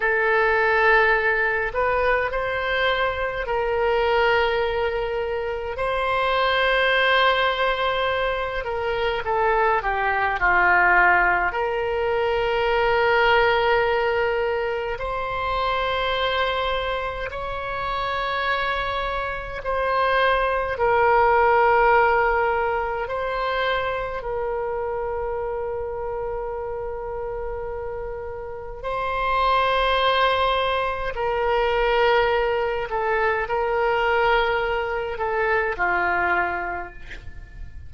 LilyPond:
\new Staff \with { instrumentName = "oboe" } { \time 4/4 \tempo 4 = 52 a'4. b'8 c''4 ais'4~ | ais'4 c''2~ c''8 ais'8 | a'8 g'8 f'4 ais'2~ | ais'4 c''2 cis''4~ |
cis''4 c''4 ais'2 | c''4 ais'2.~ | ais'4 c''2 ais'4~ | ais'8 a'8 ais'4. a'8 f'4 | }